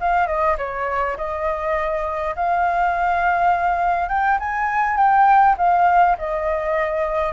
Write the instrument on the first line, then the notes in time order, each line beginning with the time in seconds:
flute
0.00 F5
0.27 D#5
0.58 C#5
1.17 D#5
2.36 F5
4.09 G5
4.39 G#5
4.97 G5
5.58 F5
6.18 D#5